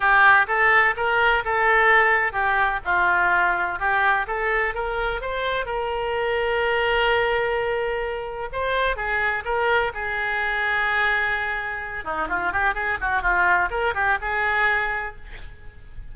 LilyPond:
\new Staff \with { instrumentName = "oboe" } { \time 4/4 \tempo 4 = 127 g'4 a'4 ais'4 a'4~ | a'4 g'4 f'2 | g'4 a'4 ais'4 c''4 | ais'1~ |
ais'2 c''4 gis'4 | ais'4 gis'2.~ | gis'4. dis'8 f'8 g'8 gis'8 fis'8 | f'4 ais'8 g'8 gis'2 | }